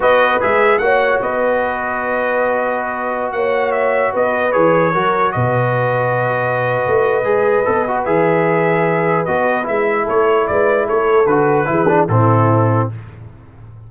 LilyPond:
<<
  \new Staff \with { instrumentName = "trumpet" } { \time 4/4 \tempo 4 = 149 dis''4 e''4 fis''4 dis''4~ | dis''1~ | dis''16 fis''4 e''4 dis''4 cis''8.~ | cis''4~ cis''16 dis''2~ dis''8.~ |
dis''1 | e''2. dis''4 | e''4 cis''4 d''4 cis''4 | b'2 a'2 | }
  \new Staff \with { instrumentName = "horn" } { \time 4/4 b'2 cis''4 b'4~ | b'1~ | b'16 cis''2 b'4.~ b'16~ | b'16 ais'4 b'2~ b'8.~ |
b'1~ | b'1~ | b'4 a'4 b'4 a'4~ | a'4 gis'4 e'2 | }
  \new Staff \with { instrumentName = "trombone" } { \time 4/4 fis'4 gis'4 fis'2~ | fis'1~ | fis'2.~ fis'16 gis'8.~ | gis'16 fis'2.~ fis'8.~ |
fis'2 gis'4 a'8 fis'8 | gis'2. fis'4 | e'1 | fis'4 e'8 d'8 c'2 | }
  \new Staff \with { instrumentName = "tuba" } { \time 4/4 b4 gis4 ais4 b4~ | b1~ | b16 ais2 b4 e8.~ | e16 fis4 b,2~ b,8.~ |
b,4 a4 gis4 b4 | e2. b4 | gis4 a4 gis4 a4 | d4 e4 a,2 | }
>>